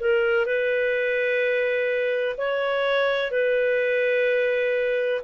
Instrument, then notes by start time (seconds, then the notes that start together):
clarinet
0.00 A#4
0.46 B4
2.38 C#5
3.31 B4